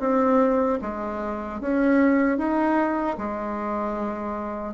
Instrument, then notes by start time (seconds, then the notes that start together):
bassoon
0.00 C4
0.81 G#3
1.60 C#4
2.38 D#4
3.18 G#3